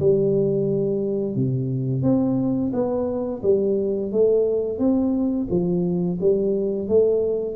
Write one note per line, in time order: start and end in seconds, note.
0.00 1.36 G3
1.36 2.03 C3
2.03 2.72 C4
2.73 3.42 B3
3.43 4.12 G3
4.12 4.79 A3
4.79 5.48 C4
5.50 6.19 F3
6.21 6.88 G3
6.88 7.56 A3